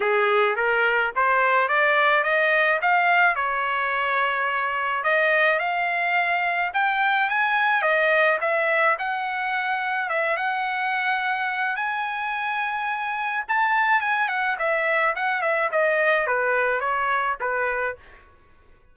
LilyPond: \new Staff \with { instrumentName = "trumpet" } { \time 4/4 \tempo 4 = 107 gis'4 ais'4 c''4 d''4 | dis''4 f''4 cis''2~ | cis''4 dis''4 f''2 | g''4 gis''4 dis''4 e''4 |
fis''2 e''8 fis''4.~ | fis''4 gis''2. | a''4 gis''8 fis''8 e''4 fis''8 e''8 | dis''4 b'4 cis''4 b'4 | }